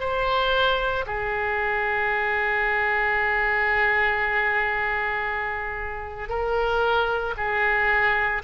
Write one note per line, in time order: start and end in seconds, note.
0.00 1.05 C5
1.07 6.29 G#4
6.29 7.34 A#4
7.37 8.43 G#4